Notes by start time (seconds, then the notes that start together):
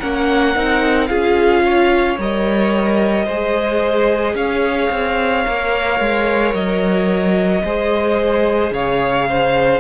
0.00 A#3 C#4 A#4 F#5
0.56 C4 D#4
1.08 C#4 F4 G#4 F5
1.65 C#5
2.18 G3 A#4 D#5
3.25 G#3 G#4 C5
4.35 C#4 C#5 F5
4.91 C4
5.45 A#3 A#4
6.00 G#3
6.54 F#3 D#5
7.65 G#3 G#4 C5
8.71 C#3 C#5 F5
9.29 C5